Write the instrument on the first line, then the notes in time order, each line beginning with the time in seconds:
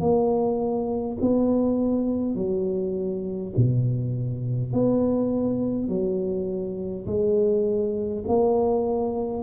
tuba
0.00 A#3
1.21 B3
2.35 F#3
3.57 B2
4.73 B3
5.89 F#3
7.07 G#3
8.28 A#3